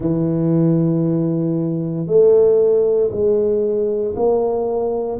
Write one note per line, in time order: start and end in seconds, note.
0.00 2.06 E3
2.06 3.10 A3
3.11 4.14 G#3
4.16 5.19 A#3